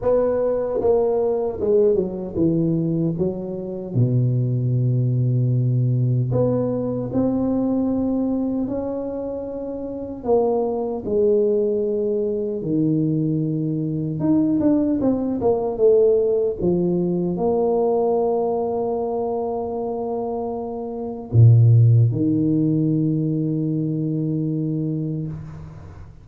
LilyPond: \new Staff \with { instrumentName = "tuba" } { \time 4/4 \tempo 4 = 76 b4 ais4 gis8 fis8 e4 | fis4 b,2. | b4 c'2 cis'4~ | cis'4 ais4 gis2 |
dis2 dis'8 d'8 c'8 ais8 | a4 f4 ais2~ | ais2. ais,4 | dis1 | }